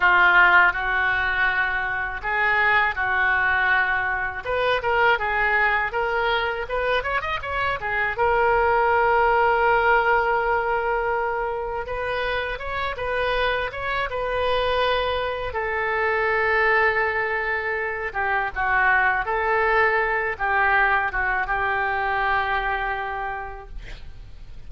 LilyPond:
\new Staff \with { instrumentName = "oboe" } { \time 4/4 \tempo 4 = 81 f'4 fis'2 gis'4 | fis'2 b'8 ais'8 gis'4 | ais'4 b'8 cis''16 dis''16 cis''8 gis'8 ais'4~ | ais'1 |
b'4 cis''8 b'4 cis''8 b'4~ | b'4 a'2.~ | a'8 g'8 fis'4 a'4. g'8~ | g'8 fis'8 g'2. | }